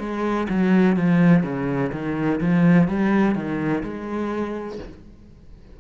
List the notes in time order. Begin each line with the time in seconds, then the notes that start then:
0.00 G#3
0.49 F#3
0.97 F3
1.43 C#3
1.93 D#3
2.41 F3
2.88 G3
3.35 D#3
3.84 G#3